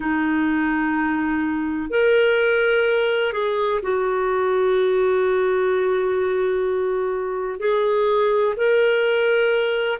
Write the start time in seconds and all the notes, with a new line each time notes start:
0.00 D#4
1.90 A#4
3.32 G#4
3.82 F#4
7.59 G#4
8.56 A#4